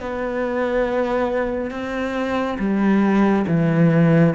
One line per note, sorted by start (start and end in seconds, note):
0.00 1.71 B3
1.71 2.58 C4
2.58 3.45 G3
3.47 4.34 E3